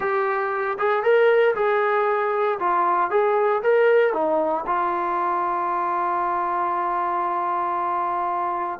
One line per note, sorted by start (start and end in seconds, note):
0.00 0.77 G4
0.78 1.03 G#4
1.03 1.54 A#4
1.55 2.58 G#4
2.59 3.10 F4
3.10 3.62 G#4
3.62 4.13 A#4
4.13 4.65 D#4
4.66 8.79 F4